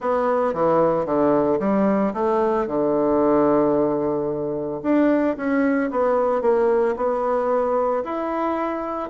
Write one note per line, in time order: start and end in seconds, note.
0.00 0.53 B3
0.53 1.05 E3
1.05 1.59 D3
1.59 2.13 G3
2.13 2.67 A3
2.67 4.81 D3
4.83 5.36 D4
5.36 5.90 C#4
5.91 6.41 B3
6.41 6.95 A#3
6.96 8.03 B3
8.04 9.09 E4